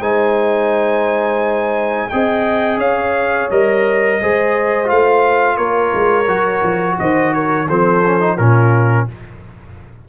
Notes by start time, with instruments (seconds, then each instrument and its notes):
0.00 tuba G#3, trombone D#4, horn C5, trumpet G#5
2.09 tuba C4, trombone G#4, horn D#5, trumpet G5
2.78 tuba C#4, horn C#5, trumpet F5
3.51 tuba G3, trombone A#4, trumpet D#5
4.21 tuba G#3, trombone G#4, horn C5
4.85 tuba A3, trombone F4, trumpet F5
5.57 tuba A#3, horn A#4, trumpet C#5
5.94 tuba G#3
6.28 tuba F#3, trombone F#4
6.64 tuba F3
6.99 tuba D#3, horn C5, trumpet D#5
7.34 horn A#4, trumpet C#5
7.68 tuba F3, trombone C4, horn A4, trumpet C5
8.06 trombone C#4
8.20 trombone D#4
8.37 tuba A#2, trombone C#4, horn F4, trumpet A#4